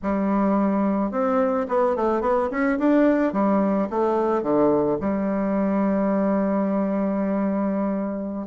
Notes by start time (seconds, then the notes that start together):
0.02 G3
1.11 C4
1.68 B3
1.95 A3
2.21 B3
2.50 C#4
2.79 D4
3.33 G3
3.89 A3
4.42 D3
5.00 G3